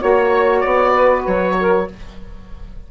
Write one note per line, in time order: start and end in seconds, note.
0.00 0.65 A#3
0.00 1.88 F#4
0.00 0.93 C#5
0.00 0.61 C#5
0.61 1.27 B3
0.61 1.23 D5
0.94 1.56 B4
1.27 1.89 F#3
1.27 1.89 C#5
1.60 1.91 A#4